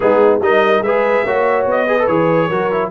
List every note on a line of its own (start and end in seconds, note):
0.00 0.40 G#3
0.00 0.40 B3
0.00 0.43 D#4
0.00 0.40 G#4
0.40 0.81 G3
0.40 0.85 D#4
0.40 0.84 A#4
0.40 0.83 D#5
0.81 1.22 G#3
0.81 1.26 G#4
0.81 1.25 B4
0.81 1.66 E5
1.24 1.66 A#3
1.24 1.87 F#4
1.24 1.87 C#5
1.66 2.07 B3
1.66 2.07 D#5
1.87 1.97 G#4
1.87 2.48 B4
1.98 2.09 A4
2.07 2.49 E3
2.07 2.50 G#4
2.07 2.90 C#5
2.48 2.91 F#3
2.48 2.71 F#4
2.48 2.90 A#4
2.71 2.91 E4